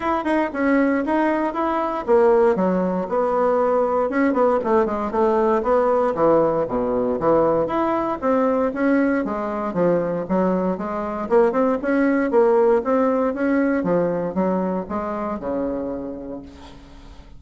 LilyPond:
\new Staff \with { instrumentName = "bassoon" } { \time 4/4 \tempo 4 = 117 e'8 dis'8 cis'4 dis'4 e'4 | ais4 fis4 b2 | cis'8 b8 a8 gis8 a4 b4 | e4 b,4 e4 e'4 |
c'4 cis'4 gis4 f4 | fis4 gis4 ais8 c'8 cis'4 | ais4 c'4 cis'4 f4 | fis4 gis4 cis2 | }